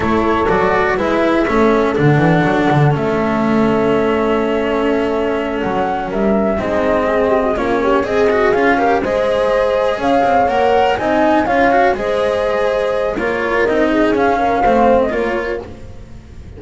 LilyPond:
<<
  \new Staff \with { instrumentName = "flute" } { \time 4/4 \tempo 4 = 123 cis''4 d''4 e''2 | fis''2 e''2~ | e''2.~ e''8 fis''8~ | fis''8 e''4 dis''2 cis''8~ |
cis''8 dis''4 f''4 dis''4.~ | dis''8 f''4 fis''4 gis''4 f''8~ | f''8 dis''2~ dis''8 cis''4 | dis''4 f''4.~ f''16 dis''16 cis''4 | }
  \new Staff \with { instrumentName = "horn" } { \time 4/4 a'2 b'4 a'4~ | a'1~ | a'1~ | a'8 ais'4 dis'4 gis'8 g'16 fis'16 f'8 |
g'8 gis'4. ais'8 c''4.~ | c''8 cis''2 dis''4 cis''8~ | cis''8 c''2~ c''8 ais'4~ | ais'8 gis'4 ais'8 c''4 ais'4 | }
  \new Staff \with { instrumentName = "cello" } { \time 4/4 e'4 fis'4 e'4 cis'4 | d'2 cis'2~ | cis'1~ | cis'4. c'2 cis'8~ |
cis'8 gis'8 fis'8 f'8 g'8 gis'4.~ | gis'4. ais'4 dis'4 f'8 | fis'8 gis'2~ gis'8 f'4 | dis'4 cis'4 c'4 f'4 | }
  \new Staff \with { instrumentName = "double bass" } { \time 4/4 a4 fis4 gis4 a4 | d8 e8 fis8 d8 a2~ | a2.~ a8 fis8~ | fis8 g4 gis2 ais8~ |
ais8 c'4 cis'4 gis4.~ | gis8 cis'8 c'8 ais4 c'4 cis'8~ | cis'8 gis2~ gis8 ais4 | c'4 cis'4 a4 ais4 | }
>>